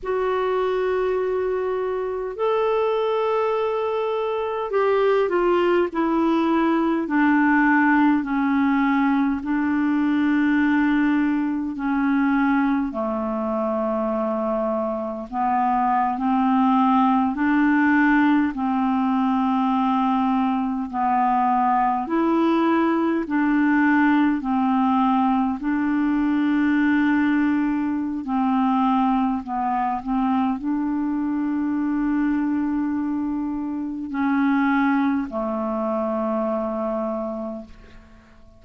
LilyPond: \new Staff \with { instrumentName = "clarinet" } { \time 4/4 \tempo 4 = 51 fis'2 a'2 | g'8 f'8 e'4 d'4 cis'4 | d'2 cis'4 a4~ | a4 b8. c'4 d'4 c'16~ |
c'4.~ c'16 b4 e'4 d'16~ | d'8. c'4 d'2~ d'16 | c'4 b8 c'8 d'2~ | d'4 cis'4 a2 | }